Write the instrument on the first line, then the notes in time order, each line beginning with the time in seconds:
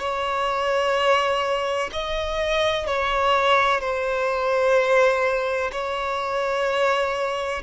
violin
0.00 C#5
1.93 D#5
2.87 C#5
3.81 C5
5.72 C#5